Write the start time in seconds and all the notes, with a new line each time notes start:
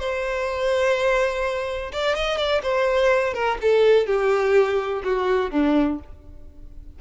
0.00 C5
1.92 D5
2.16 D#5
2.37 D5
2.63 C5
3.34 A#4
3.62 A4
4.07 G4
5.04 F#4
5.51 D4